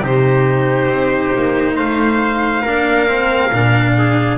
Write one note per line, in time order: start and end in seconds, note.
0.00 0.87 C3
0.00 2.62 D#4
0.00 1.75 G4
0.00 1.76 C5
0.88 1.31 C4
1.36 1.78 A#3
1.75 2.64 A3
1.75 2.62 C5
1.75 4.37 F5
2.62 3.51 A#3
2.62 3.08 D4
2.62 3.92 A#4
3.08 3.51 C4
3.52 4.37 A#2
3.52 4.37 D4
3.98 4.37 G#4